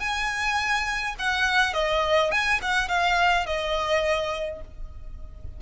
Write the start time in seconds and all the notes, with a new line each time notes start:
0.00 G#5
1.19 F#5
1.74 D#5
2.31 G#5
2.62 F#5
2.88 F5
3.46 D#5